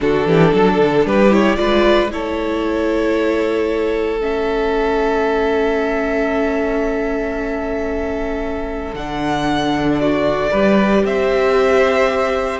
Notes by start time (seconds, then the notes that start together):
0.00 D3 D4 F#4 A4
0.26 E3 G4
0.53 F#3 A4
0.78 D3
1.05 G3 G4 B4
1.30 E4 C#5
1.55 G#3 F4 B4 D5
2.10 A3 E4 A4 C#5
4.20 C#4 E5
8.94 D3 D4 F#5
9.99 F#4 D5
10.50 G3 G4 B4
11.04 C4 C5 E5